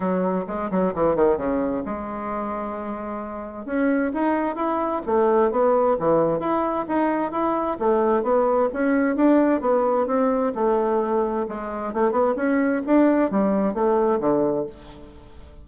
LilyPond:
\new Staff \with { instrumentName = "bassoon" } { \time 4/4 \tempo 4 = 131 fis4 gis8 fis8 e8 dis8 cis4 | gis1 | cis'4 dis'4 e'4 a4 | b4 e4 e'4 dis'4 |
e'4 a4 b4 cis'4 | d'4 b4 c'4 a4~ | a4 gis4 a8 b8 cis'4 | d'4 g4 a4 d4 | }